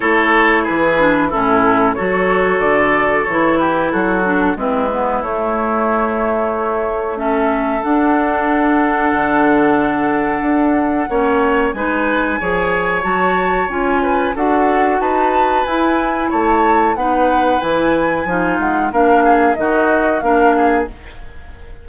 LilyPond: <<
  \new Staff \with { instrumentName = "flute" } { \time 4/4 \tempo 4 = 92 cis''4 b'4 a'4 cis''4 | d''4 cis''8 b'8 a'4 b'4 | cis''2. e''4 | fis''1~ |
fis''2 gis''2 | a''4 gis''4 fis''4 a''4 | gis''4 a''4 fis''4 gis''4~ | gis''8 fis''8 f''4 dis''4 f''4 | }
  \new Staff \with { instrumentName = "oboe" } { \time 4/4 a'4 gis'4 e'4 a'4~ | a'4. g'8 fis'4 e'4~ | e'2. a'4~ | a'1~ |
a'4 cis''4 b'4 cis''4~ | cis''4. b'8 a'4 b'4~ | b'4 cis''4 b'2 | f'4 ais'8 gis'8 fis'4 ais'8 gis'8 | }
  \new Staff \with { instrumentName = "clarinet" } { \time 4/4 e'4. d'8 cis'4 fis'4~ | fis'4 e'4. d'8 c'8 b8 | a2. cis'4 | d'1~ |
d'4 cis'4 dis'4 gis'4 | fis'4 f'4 fis'2 | e'2 dis'4 e'4 | dis'4 d'4 dis'4 d'4 | }
  \new Staff \with { instrumentName = "bassoon" } { \time 4/4 a4 e4 a,4 fis4 | d4 e4 fis4 gis4 | a1 | d'2 d2 |
d'4 ais4 gis4 f4 | fis4 cis'4 d'4 dis'4 | e'4 a4 b4 e4 | f8 gis8 ais4 dis4 ais4 | }
>>